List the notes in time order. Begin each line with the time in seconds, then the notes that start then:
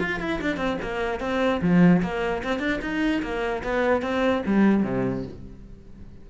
0.00 F4
0.20 E4
0.41 D4
0.57 C4
0.82 A#3
1.20 C4
1.61 F3
2.02 A#3
2.44 C4
2.59 D4
2.81 D#4
3.22 A#3
3.64 B3
4.02 C4
4.46 G3
4.83 C3